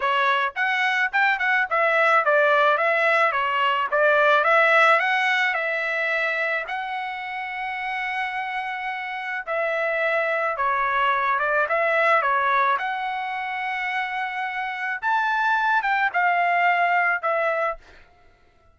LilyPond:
\new Staff \with { instrumentName = "trumpet" } { \time 4/4 \tempo 4 = 108 cis''4 fis''4 g''8 fis''8 e''4 | d''4 e''4 cis''4 d''4 | e''4 fis''4 e''2 | fis''1~ |
fis''4 e''2 cis''4~ | cis''8 d''8 e''4 cis''4 fis''4~ | fis''2. a''4~ | a''8 g''8 f''2 e''4 | }